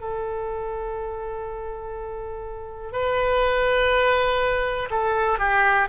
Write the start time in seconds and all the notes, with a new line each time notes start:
0.00 A4
2.92 B4
4.90 A4
5.39 G4